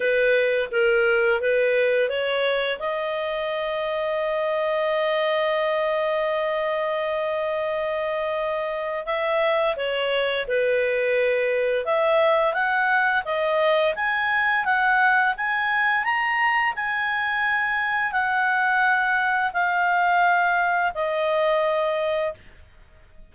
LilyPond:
\new Staff \with { instrumentName = "clarinet" } { \time 4/4 \tempo 4 = 86 b'4 ais'4 b'4 cis''4 | dis''1~ | dis''1~ | dis''4 e''4 cis''4 b'4~ |
b'4 e''4 fis''4 dis''4 | gis''4 fis''4 gis''4 ais''4 | gis''2 fis''2 | f''2 dis''2 | }